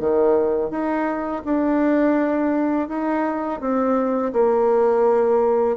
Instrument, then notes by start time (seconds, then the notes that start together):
bassoon
0.00 D#3
0.71 D#4
1.45 D4
2.89 D#4
3.61 C4
4.33 A#3